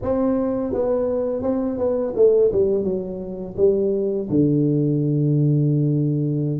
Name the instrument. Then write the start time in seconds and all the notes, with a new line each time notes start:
tuba
0.02 C4
0.73 B3
1.42 C4
1.78 B3
2.15 A3
2.52 G3
2.83 F#3
3.56 G3
4.29 D3